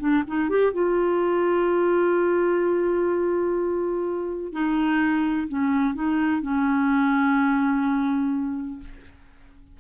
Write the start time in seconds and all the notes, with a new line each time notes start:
0.00 D4
0.28 D#4
0.50 G4
0.73 F4
4.53 D#4
5.49 C#4
5.95 D#4
6.42 C#4